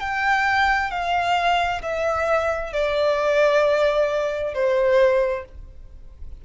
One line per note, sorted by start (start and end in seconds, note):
0.00 0.91 G5
0.91 1.82 F5
1.82 2.73 E5
2.73 4.54 D5
4.54 5.45 C5